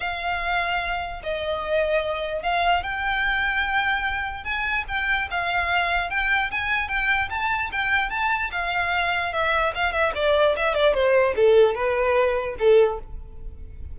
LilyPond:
\new Staff \with { instrumentName = "violin" } { \time 4/4 \tempo 4 = 148 f''2. dis''4~ | dis''2 f''4 g''4~ | g''2. gis''4 | g''4 f''2 g''4 |
gis''4 g''4 a''4 g''4 | a''4 f''2 e''4 | f''8 e''8 d''4 e''8 d''8 c''4 | a'4 b'2 a'4 | }